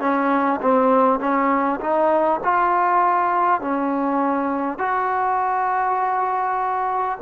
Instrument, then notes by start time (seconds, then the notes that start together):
trombone
0.00 C#4
0.61 C4
1.19 C#4
1.80 D#4
2.43 F4
3.60 C#4
4.78 F#4